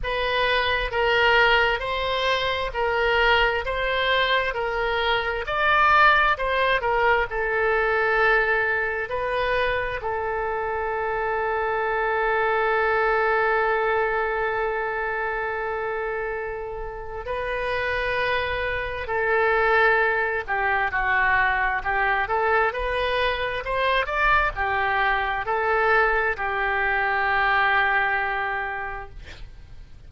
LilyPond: \new Staff \with { instrumentName = "oboe" } { \time 4/4 \tempo 4 = 66 b'4 ais'4 c''4 ais'4 | c''4 ais'4 d''4 c''8 ais'8 | a'2 b'4 a'4~ | a'1~ |
a'2. b'4~ | b'4 a'4. g'8 fis'4 | g'8 a'8 b'4 c''8 d''8 g'4 | a'4 g'2. | }